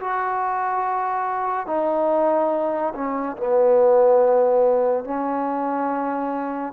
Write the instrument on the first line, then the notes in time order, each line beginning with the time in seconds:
trombone
0.00 F#4
1.67 D#4
2.95 C#4
3.37 B3
5.04 C#4